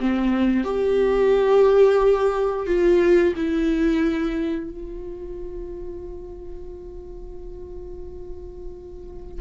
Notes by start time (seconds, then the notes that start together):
0.00 C4
0.65 G4
2.67 F4
3.36 E4
4.71 F4